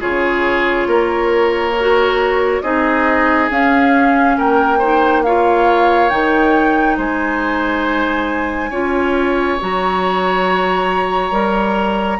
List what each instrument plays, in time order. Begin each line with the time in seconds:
0.00 bassoon C#3, clarinet F4, oboe G#4, flute C#5
0.87 bassoon A#3, oboe A#4
1.80 clarinet F#4
2.62 bassoon C4, clarinet D#4, oboe G#4, flute D#5
3.50 clarinet C#4, bassoon C#4, flute F5
4.37 bassoon A#3, oboe A#4, flute G5
4.78 clarinet D#4, oboe C5
5.24 clarinet F4, oboe C#5, flute F5
6.09 bassoon D#3, clarinet D#4, flute G5
6.97 bassoon G#3, oboe C5, flute G#5
8.70 bassoon C#4, clarinet F4, oboe C#5
9.60 bassoon F#3, clarinet F#4, flute A#5
11.32 bassoon G3, clarinet A#4